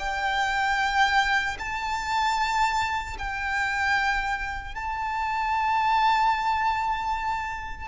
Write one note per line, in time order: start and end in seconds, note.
0.00 1.58 G5
1.59 3.17 A5
3.19 4.75 G5
4.75 7.88 A5